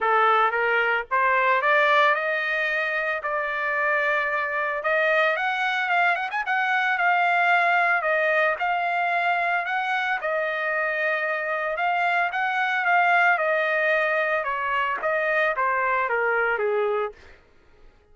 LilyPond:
\new Staff \with { instrumentName = "trumpet" } { \time 4/4 \tempo 4 = 112 a'4 ais'4 c''4 d''4 | dis''2 d''2~ | d''4 dis''4 fis''4 f''8 fis''16 gis''16 | fis''4 f''2 dis''4 |
f''2 fis''4 dis''4~ | dis''2 f''4 fis''4 | f''4 dis''2 cis''4 | dis''4 c''4 ais'4 gis'4 | }